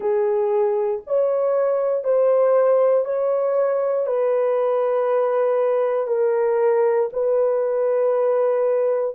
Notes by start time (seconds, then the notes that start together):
0.00 G#4
1.07 C#5
2.03 C5
3.04 C#5
4.06 B4
6.07 A#4
7.12 B4